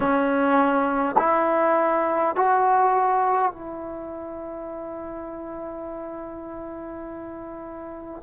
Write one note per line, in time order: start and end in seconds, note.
0.00 1.16 C#4
1.18 2.35 E4
2.35 3.52 F#4
3.52 8.22 E4